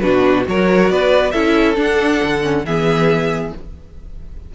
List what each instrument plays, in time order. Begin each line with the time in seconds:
0.00 cello B2, viola D4, violin F#4 B4
0.45 cello F#3, viola F#4, violin A#4 C#5
0.90 cello B3, violin B4 D5
1.31 cello C#4, viola E4, violin A4 E5
1.75 viola D4, cello D4
1.82 violin F#5
2.23 cello D3
2.42 viola C#4
2.65 cello E3, viola B3, violin G#4 E5